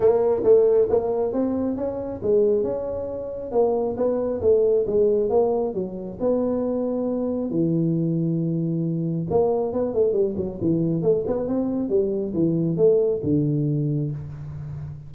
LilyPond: \new Staff \with { instrumentName = "tuba" } { \time 4/4 \tempo 4 = 136 ais4 a4 ais4 c'4 | cis'4 gis4 cis'2 | ais4 b4 a4 gis4 | ais4 fis4 b2~ |
b4 e2.~ | e4 ais4 b8 a8 g8 fis8 | e4 a8 b8 c'4 g4 | e4 a4 d2 | }